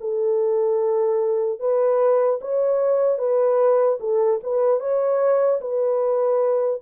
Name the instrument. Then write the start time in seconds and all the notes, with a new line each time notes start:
horn
0.00 A4
1.59 B4
2.41 C#5
3.18 B4
4.00 A4
4.43 B4
4.80 C#5
5.60 B4